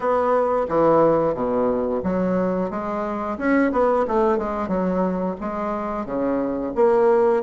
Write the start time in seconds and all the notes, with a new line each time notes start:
0.00 B3
0.69 E3
1.34 B2
2.03 F#3
2.70 G#3
3.37 C#4
3.72 B3
4.07 A3
4.38 G#3
4.68 F#3
5.40 G#3
6.05 C#3
6.75 A#3